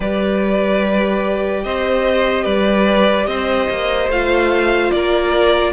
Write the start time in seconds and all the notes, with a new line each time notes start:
0.00 G3 G4 B4 D5
1.64 C4 C5 D#5
2.43 G3 B4 D5
3.26 C4 C5 D#5
3.69 A#3
4.08 A3 F4 F5
4.90 A#3 A#4 D5